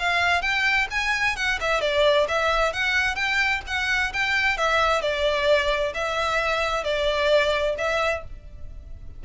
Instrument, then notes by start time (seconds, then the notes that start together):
violin
0.00 F5
0.42 G5
0.91 G#5
1.36 F#5
1.61 E5
1.82 D5
2.28 E5
2.73 F#5
3.16 G5
3.67 F#5
4.13 G5
4.58 E5
5.02 D5
5.94 E5
6.84 D5
7.78 E5